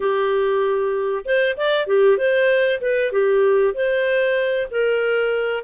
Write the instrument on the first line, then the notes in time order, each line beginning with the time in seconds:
clarinet
0.00 G4
1.25 C5
1.57 D5
1.86 G4
2.17 C5
2.80 B4
3.12 G4
3.73 C5
4.70 A#4